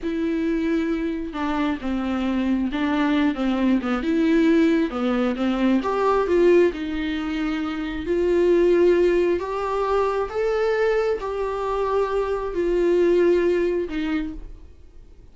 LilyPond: \new Staff \with { instrumentName = "viola" } { \time 4/4 \tempo 4 = 134 e'2. d'4 | c'2 d'4. c'8~ | c'8 b8 e'2 b4 | c'4 g'4 f'4 dis'4~ |
dis'2 f'2~ | f'4 g'2 a'4~ | a'4 g'2. | f'2. dis'4 | }